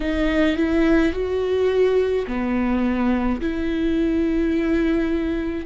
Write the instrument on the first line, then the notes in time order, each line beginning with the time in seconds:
viola
0.00 D#4
0.56 E4
1.12 F#4
2.27 B3
3.41 E4